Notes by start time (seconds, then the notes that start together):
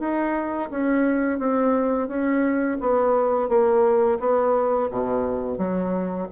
0.00 D#4
0.71 C#4
1.39 C4
2.08 C#4
2.81 B3
3.49 A#3
4.20 B3
4.91 B2
5.58 F#3